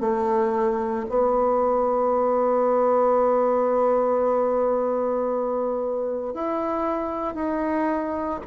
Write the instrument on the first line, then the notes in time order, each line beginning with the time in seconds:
bassoon
0.00 A3
1.09 B3
6.33 E4
7.34 D#4